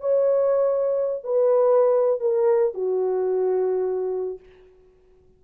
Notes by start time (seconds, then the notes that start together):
0.00 C#5
1.24 B4
2.20 A#4
2.74 F#4